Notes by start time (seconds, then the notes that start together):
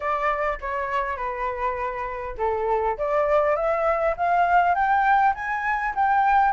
0.00 D5
0.60 C#5
1.17 B4
2.37 A4
2.97 D5
3.56 E5
4.16 F5
4.74 G5
5.34 G#5
5.95 G5